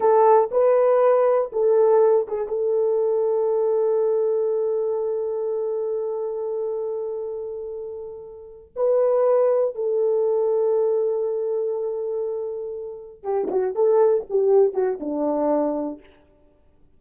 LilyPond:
\new Staff \with { instrumentName = "horn" } { \time 4/4 \tempo 4 = 120 a'4 b'2 a'4~ | a'8 gis'8 a'2.~ | a'1~ | a'1~ |
a'4. b'2 a'8~ | a'1~ | a'2~ a'8 g'8 fis'8 a'8~ | a'8 g'4 fis'8 d'2 | }